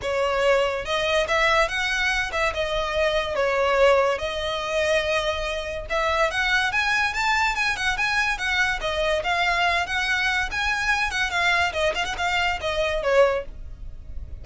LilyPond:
\new Staff \with { instrumentName = "violin" } { \time 4/4 \tempo 4 = 143 cis''2 dis''4 e''4 | fis''4. e''8 dis''2 | cis''2 dis''2~ | dis''2 e''4 fis''4 |
gis''4 a''4 gis''8 fis''8 gis''4 | fis''4 dis''4 f''4. fis''8~ | fis''4 gis''4. fis''8 f''4 | dis''8 f''16 fis''16 f''4 dis''4 cis''4 | }